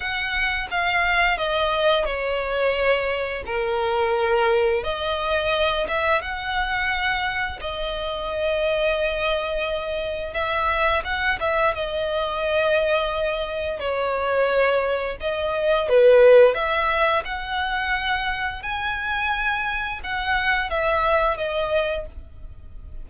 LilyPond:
\new Staff \with { instrumentName = "violin" } { \time 4/4 \tempo 4 = 87 fis''4 f''4 dis''4 cis''4~ | cis''4 ais'2 dis''4~ | dis''8 e''8 fis''2 dis''4~ | dis''2. e''4 |
fis''8 e''8 dis''2. | cis''2 dis''4 b'4 | e''4 fis''2 gis''4~ | gis''4 fis''4 e''4 dis''4 | }